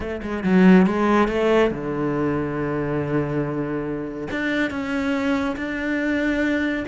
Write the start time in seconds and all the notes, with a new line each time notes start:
0.00 A3
0.22 G#3
0.43 F#3
0.86 G#3
1.28 A3
1.70 D3
4.30 D4
4.70 C#4
5.56 D4